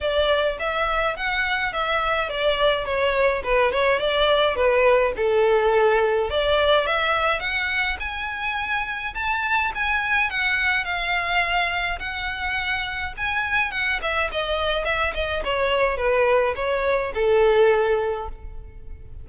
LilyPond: \new Staff \with { instrumentName = "violin" } { \time 4/4 \tempo 4 = 105 d''4 e''4 fis''4 e''4 | d''4 cis''4 b'8 cis''8 d''4 | b'4 a'2 d''4 | e''4 fis''4 gis''2 |
a''4 gis''4 fis''4 f''4~ | f''4 fis''2 gis''4 | fis''8 e''8 dis''4 e''8 dis''8 cis''4 | b'4 cis''4 a'2 | }